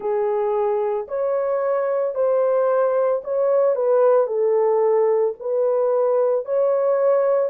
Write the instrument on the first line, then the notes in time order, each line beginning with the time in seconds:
horn
0.00 G#4
1.08 C#5
2.14 C5
3.24 C#5
3.75 B4
4.27 A4
5.39 B4
6.45 C#5